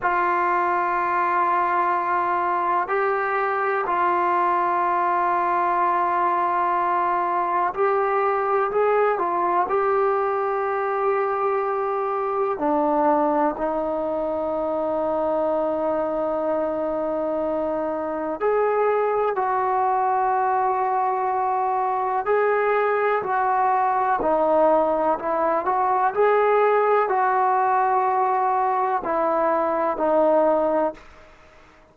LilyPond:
\new Staff \with { instrumentName = "trombone" } { \time 4/4 \tempo 4 = 62 f'2. g'4 | f'1 | g'4 gis'8 f'8 g'2~ | g'4 d'4 dis'2~ |
dis'2. gis'4 | fis'2. gis'4 | fis'4 dis'4 e'8 fis'8 gis'4 | fis'2 e'4 dis'4 | }